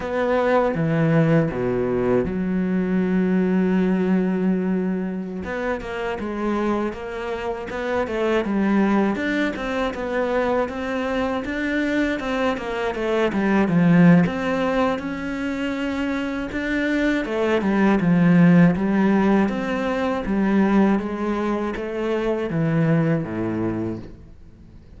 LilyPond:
\new Staff \with { instrumentName = "cello" } { \time 4/4 \tempo 4 = 80 b4 e4 b,4 fis4~ | fis2.~ fis16 b8 ais16~ | ais16 gis4 ais4 b8 a8 g8.~ | g16 d'8 c'8 b4 c'4 d'8.~ |
d'16 c'8 ais8 a8 g8 f8. c'4 | cis'2 d'4 a8 g8 | f4 g4 c'4 g4 | gis4 a4 e4 a,4 | }